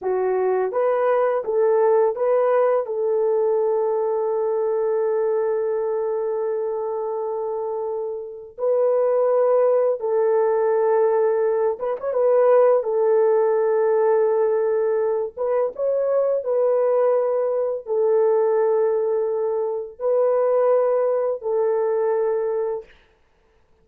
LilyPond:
\new Staff \with { instrumentName = "horn" } { \time 4/4 \tempo 4 = 84 fis'4 b'4 a'4 b'4 | a'1~ | a'1 | b'2 a'2~ |
a'8 b'16 cis''16 b'4 a'2~ | a'4. b'8 cis''4 b'4~ | b'4 a'2. | b'2 a'2 | }